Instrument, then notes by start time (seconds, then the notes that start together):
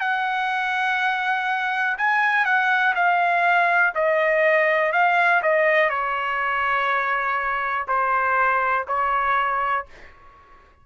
trumpet
0.00 F#5
1.97 G#5
2.45 F#5
2.95 F5
3.94 D#5
4.92 F5
5.42 D#5
5.89 C#5
7.87 C5
8.87 C#5